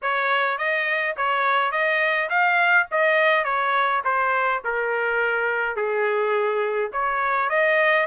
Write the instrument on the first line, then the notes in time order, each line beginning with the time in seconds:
trumpet
0.02 C#5
0.58 D#5
1.16 C#5
1.71 D#5
2.29 F5
2.91 D#5
3.44 C#5
4.04 C5
4.64 A#4
5.76 G#4
6.92 C#5
7.49 D#5